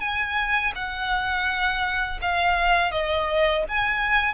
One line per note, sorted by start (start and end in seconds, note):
0.00 0.72 G#5
0.75 2.19 F#5
2.21 2.91 F5
2.91 3.64 D#5
3.68 4.34 G#5